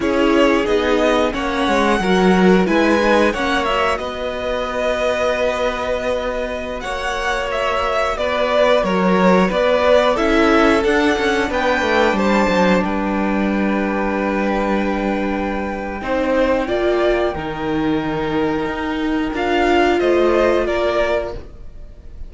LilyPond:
<<
  \new Staff \with { instrumentName = "violin" } { \time 4/4 \tempo 4 = 90 cis''4 dis''4 fis''2 | gis''4 fis''8 e''8 dis''2~ | dis''2~ dis''16 fis''4 e''8.~ | e''16 d''4 cis''4 d''4 e''8.~ |
e''16 fis''4 g''4 a''4 g''8.~ | g''1~ | g''1~ | g''4 f''4 dis''4 d''4 | }
  \new Staff \with { instrumentName = "violin" } { \time 4/4 gis'2 cis''4 ais'4 | b'4 cis''4 b'2~ | b'2~ b'16 cis''4.~ cis''16~ | cis''16 b'4 ais'4 b'4 a'8.~ |
a'4~ a'16 b'4 c''4 b'8.~ | b'1 | c''4 d''4 ais'2~ | ais'2 c''4 ais'4 | }
  \new Staff \with { instrumentName = "viola" } { \time 4/4 e'4 dis'4 cis'4 fis'4 | e'8 dis'8 cis'8 fis'2~ fis'8~ | fis'1~ | fis'2.~ fis'16 e'8.~ |
e'16 d'2.~ d'8.~ | d'1 | dis'4 f'4 dis'2~ | dis'4 f'2. | }
  \new Staff \with { instrumentName = "cello" } { \time 4/4 cis'4 b4 ais8 gis8 fis4 | gis4 ais4 b2~ | b2~ b16 ais4.~ ais16~ | ais16 b4 fis4 b4 cis'8.~ |
cis'16 d'8 cis'8 b8 a8 g8 fis8 g8.~ | g1 | c'4 ais4 dis2 | dis'4 d'4 a4 ais4 | }
>>